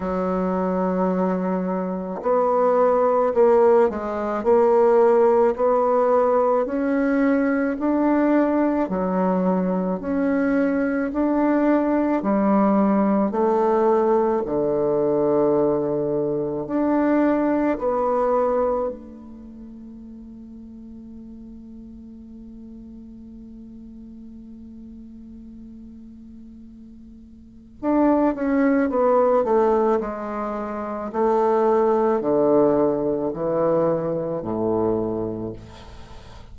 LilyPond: \new Staff \with { instrumentName = "bassoon" } { \time 4/4 \tempo 4 = 54 fis2 b4 ais8 gis8 | ais4 b4 cis'4 d'4 | fis4 cis'4 d'4 g4 | a4 d2 d'4 |
b4 a2.~ | a1~ | a4 d'8 cis'8 b8 a8 gis4 | a4 d4 e4 a,4 | }